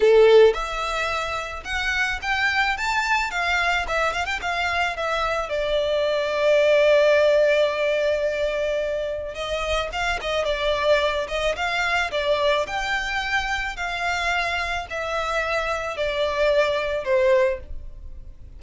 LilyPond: \new Staff \with { instrumentName = "violin" } { \time 4/4 \tempo 4 = 109 a'4 e''2 fis''4 | g''4 a''4 f''4 e''8 f''16 g''16 | f''4 e''4 d''2~ | d''1~ |
d''4 dis''4 f''8 dis''8 d''4~ | d''8 dis''8 f''4 d''4 g''4~ | g''4 f''2 e''4~ | e''4 d''2 c''4 | }